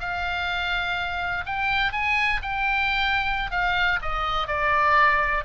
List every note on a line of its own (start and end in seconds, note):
0.00 1.45 F5
1.46 1.93 G5
1.93 2.41 G#5
2.42 3.51 G5
3.51 4.00 F5
4.02 4.48 D#5
4.48 5.45 D5